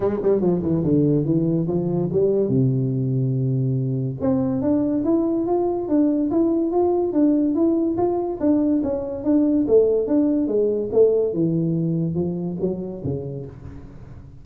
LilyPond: \new Staff \with { instrumentName = "tuba" } { \time 4/4 \tempo 4 = 143 gis8 g8 f8 e8 d4 e4 | f4 g4 c2~ | c2 c'4 d'4 | e'4 f'4 d'4 e'4 |
f'4 d'4 e'4 f'4 | d'4 cis'4 d'4 a4 | d'4 gis4 a4 e4~ | e4 f4 fis4 cis4 | }